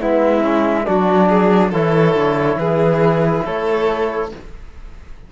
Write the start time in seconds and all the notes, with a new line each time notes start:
0.00 G#3 B3 E4 E5
0.42 C#4
0.86 F#3 D4 F#4 D5
1.29 G#4
1.71 E3 E4 A4 C#5
2.16 D3
2.56 E3 G#4 B4
3.45 A3 A4 C#5